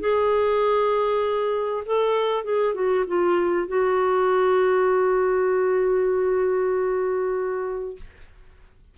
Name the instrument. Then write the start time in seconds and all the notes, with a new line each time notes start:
clarinet
0.00 G#4
1.86 A4
2.44 G#4
2.74 F#4
3.07 F4
3.68 F#4